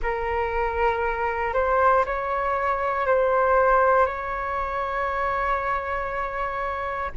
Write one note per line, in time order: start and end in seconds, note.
0.02 1.53 A#4
1.53 2.04 C5
2.05 3.06 C#5
3.06 4.06 C5
4.06 7.11 C#5